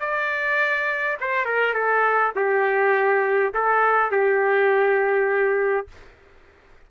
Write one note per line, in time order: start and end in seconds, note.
0.00 1.18 D5
1.20 1.45 C5
1.45 1.74 A#4
1.74 2.33 A4
2.36 3.53 G4
3.54 4.11 A4
4.11 5.87 G4